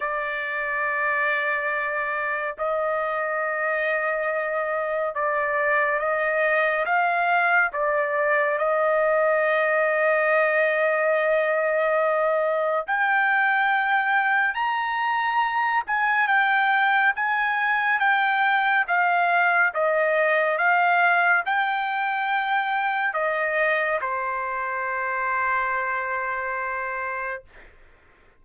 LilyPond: \new Staff \with { instrumentName = "trumpet" } { \time 4/4 \tempo 4 = 70 d''2. dis''4~ | dis''2 d''4 dis''4 | f''4 d''4 dis''2~ | dis''2. g''4~ |
g''4 ais''4. gis''8 g''4 | gis''4 g''4 f''4 dis''4 | f''4 g''2 dis''4 | c''1 | }